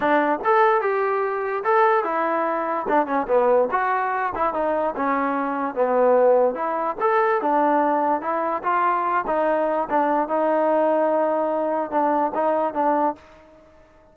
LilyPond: \new Staff \with { instrumentName = "trombone" } { \time 4/4 \tempo 4 = 146 d'4 a'4 g'2 | a'4 e'2 d'8 cis'8 | b4 fis'4. e'8 dis'4 | cis'2 b2 |
e'4 a'4 d'2 | e'4 f'4. dis'4. | d'4 dis'2.~ | dis'4 d'4 dis'4 d'4 | }